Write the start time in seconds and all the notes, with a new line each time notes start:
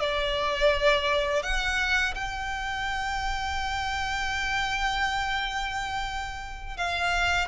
0.00 D5
1.43 F#5
2.15 G5
6.77 F5